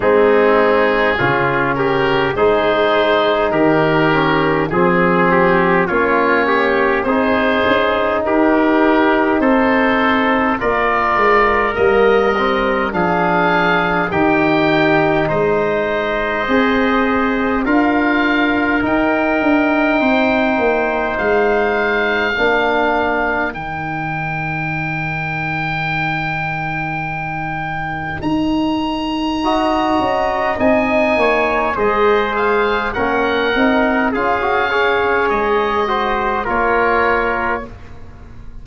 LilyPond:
<<
  \new Staff \with { instrumentName = "oboe" } { \time 4/4 \tempo 4 = 51 gis'4. ais'8 c''4 ais'4 | gis'4 cis''4 c''4 ais'4 | c''4 d''4 dis''4 f''4 | g''4 dis''2 f''4 |
g''2 f''2 | g''1 | ais''2 gis''4 dis''8 f''8 | fis''4 f''4 dis''4 cis''4 | }
  \new Staff \with { instrumentName = "trumpet" } { \time 4/4 dis'4 f'8 g'8 gis'4 g'4 | gis'8 g'8 f'8 g'8 gis'4 g'4 | a'4 ais'2 gis'4 | g'4 c''2 ais'4~ |
ais'4 c''2 ais'4~ | ais'1~ | ais'4 dis''4. cis''8 c''4 | ais'4 gis'8 cis''4 c''8 ais'4 | }
  \new Staff \with { instrumentName = "trombone" } { \time 4/4 c'4 cis'4 dis'4. cis'8 | c'4 cis'4 dis'2~ | dis'4 f'4 ais8 c'8 d'4 | dis'2 gis'4 f'4 |
dis'2. d'4 | dis'1~ | dis'4 fis'4 dis'4 gis'4 | cis'8 dis'8 f'16 fis'16 gis'4 fis'8 f'4 | }
  \new Staff \with { instrumentName = "tuba" } { \time 4/4 gis4 cis4 gis4 dis4 | f4 ais4 c'8 cis'8 dis'4 | c'4 ais8 gis8 g4 f4 | dis4 gis4 c'4 d'4 |
dis'8 d'8 c'8 ais8 gis4 ais4 | dis1 | dis'4. cis'8 c'8 ais8 gis4 | ais8 c'8 cis'4 gis4 ais4 | }
>>